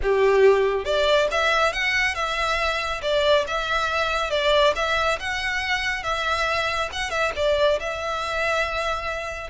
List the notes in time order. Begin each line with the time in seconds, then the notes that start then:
0.02 G4
0.84 D5
1.31 E5
1.73 F#5
2.15 E5
3.02 D5
3.47 E5
4.30 D5
4.75 E5
5.19 F#5
6.03 E5
6.92 F#5
7.10 E5
7.36 D5
7.79 E5